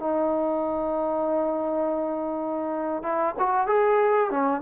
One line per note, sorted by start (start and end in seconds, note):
0.00 3.03 D#4
3.03 3.35 E4
3.39 3.67 F#4
3.67 4.31 G#4
4.31 4.62 C#4